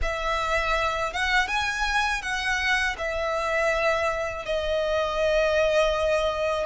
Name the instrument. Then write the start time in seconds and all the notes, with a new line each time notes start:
violin
0.02 E5
1.13 F#5
1.47 G#5
2.22 F#5
2.98 E5
4.45 D#5